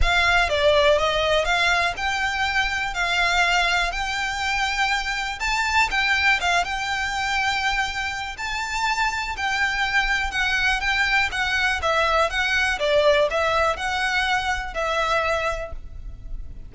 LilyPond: \new Staff \with { instrumentName = "violin" } { \time 4/4 \tempo 4 = 122 f''4 d''4 dis''4 f''4 | g''2 f''2 | g''2. a''4 | g''4 f''8 g''2~ g''8~ |
g''4 a''2 g''4~ | g''4 fis''4 g''4 fis''4 | e''4 fis''4 d''4 e''4 | fis''2 e''2 | }